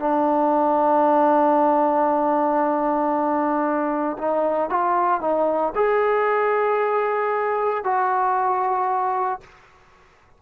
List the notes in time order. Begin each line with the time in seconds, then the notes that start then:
0.00 D4
4.18 D#4
4.70 F4
5.21 D#4
5.76 G#4
7.84 F#4